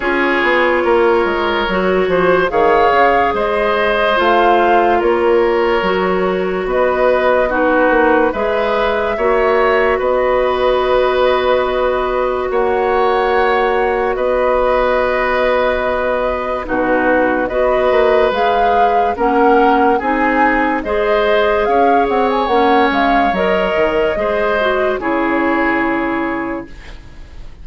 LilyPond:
<<
  \new Staff \with { instrumentName = "flute" } { \time 4/4 \tempo 4 = 72 cis''2. f''4 | dis''4 f''4 cis''2 | dis''4 b'4 e''2 | dis''2. fis''4~ |
fis''4 dis''2. | b'4 dis''4 f''4 fis''4 | gis''4 dis''4 f''8 fis''16 gis''16 fis''8 f''8 | dis''2 cis''2 | }
  \new Staff \with { instrumentName = "oboe" } { \time 4/4 gis'4 ais'4. c''8 cis''4 | c''2 ais'2 | b'4 fis'4 b'4 cis''4 | b'2. cis''4~ |
cis''4 b'2. | fis'4 b'2 ais'4 | gis'4 c''4 cis''2~ | cis''4 c''4 gis'2 | }
  \new Staff \with { instrumentName = "clarinet" } { \time 4/4 f'2 fis'4 gis'4~ | gis'4 f'2 fis'4~ | fis'4 dis'4 gis'4 fis'4~ | fis'1~ |
fis'1 | dis'4 fis'4 gis'4 cis'4 | dis'4 gis'2 cis'4 | ais'4 gis'8 fis'8 e'2 | }
  \new Staff \with { instrumentName = "bassoon" } { \time 4/4 cis'8 b8 ais8 gis8 fis8 f8 dis8 cis8 | gis4 a4 ais4 fis4 | b4. ais8 gis4 ais4 | b2. ais4~ |
ais4 b2. | b,4 b8 ais8 gis4 ais4 | c'4 gis4 cis'8 c'8 ais8 gis8 | fis8 dis8 gis4 cis2 | }
>>